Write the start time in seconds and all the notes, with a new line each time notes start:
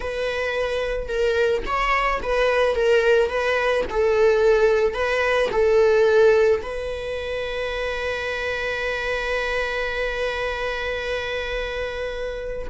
0.00 B4
1.08 A#4
1.65 C#5
2.22 B4
2.75 A#4
3.29 B4
3.90 A4
4.94 B4
5.51 A4
6.62 B4